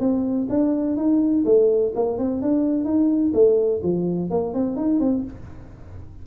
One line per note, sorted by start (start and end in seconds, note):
0.00 0.48 C4
0.50 0.97 D4
0.97 1.44 D#4
1.45 1.93 A3
1.95 2.18 A#3
2.18 2.42 C4
2.42 2.85 D4
2.85 3.32 D#4
3.34 3.82 A3
3.83 4.31 F3
4.31 4.54 A#3
4.54 4.77 C4
4.77 5.00 D#4
5.00 5.24 C4